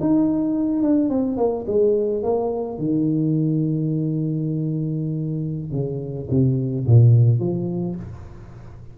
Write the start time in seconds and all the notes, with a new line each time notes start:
0.00 D#4
0.82 D4
1.09 C4
1.37 A#3
1.67 G#3
2.23 A#3
2.78 D#3
5.72 C#3
6.30 C3
6.86 A#2
7.39 F3